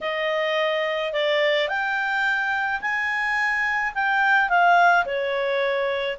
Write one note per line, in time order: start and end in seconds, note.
0.00 1.12 D#5
1.12 1.68 D5
1.68 2.80 G5
2.81 3.93 G#5
3.94 4.49 G5
4.49 5.05 F5
5.05 6.17 C#5